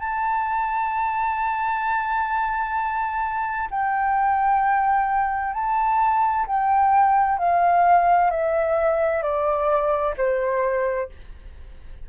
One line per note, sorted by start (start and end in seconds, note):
0.00 3.69 A5
3.70 5.54 G5
5.54 6.46 A5
6.47 7.38 G5
7.38 8.31 F5
8.31 9.23 E5
9.23 10.15 D5
10.17 11.10 C5